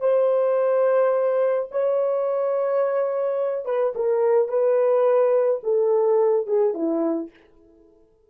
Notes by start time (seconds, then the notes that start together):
0.00 C5
1.71 C#5
3.65 B4
3.95 A#4
4.49 B4
5.63 A4
6.47 G#4
6.74 E4